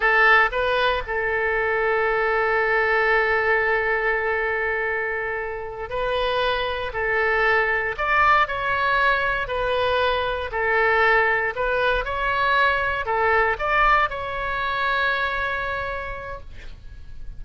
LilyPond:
\new Staff \with { instrumentName = "oboe" } { \time 4/4 \tempo 4 = 117 a'4 b'4 a'2~ | a'1~ | a'2.~ a'8 b'8~ | b'4. a'2 d''8~ |
d''8 cis''2 b'4.~ | b'8 a'2 b'4 cis''8~ | cis''4. a'4 d''4 cis''8~ | cis''1 | }